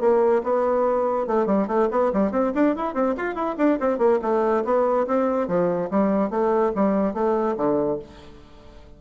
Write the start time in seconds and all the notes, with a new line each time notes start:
0.00 A#3
0.43 B3
1.26 A3
1.46 G3
1.67 A3
1.91 B3
2.13 G3
2.31 C4
2.54 D4
2.76 E4
2.94 C4
3.17 F4
3.35 E4
3.58 D4
3.79 C4
3.98 A#3
4.22 A3
4.64 B3
5.07 C4
5.48 F3
5.90 G3
6.30 A3
6.75 G3
7.13 A3
7.57 D3